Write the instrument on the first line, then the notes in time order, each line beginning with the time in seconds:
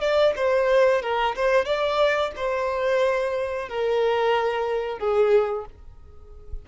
violin
0.00 D5
0.36 C5
1.02 A#4
1.36 C5
1.65 D5
2.36 C5
3.69 A#4
4.98 G#4